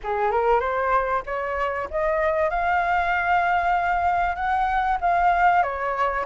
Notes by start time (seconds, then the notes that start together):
0.03 G#4
0.31 A#4
0.60 C5
1.26 C#5
1.90 D#5
2.50 F5
4.35 F#5
5.00 F5
5.62 C#5